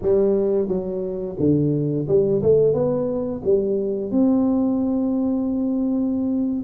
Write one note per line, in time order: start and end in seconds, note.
0.02 0.68 G3
0.68 1.36 F#3
1.39 2.07 D3
2.08 2.42 G3
2.42 2.73 A3
2.73 3.41 B3
3.43 4.11 G3
4.11 6.64 C4